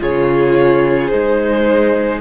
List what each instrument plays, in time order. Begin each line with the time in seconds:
0.00 cello C#3, viola F4, violin G#4 C#5
1.07 cello G#3, viola D#4, violin C5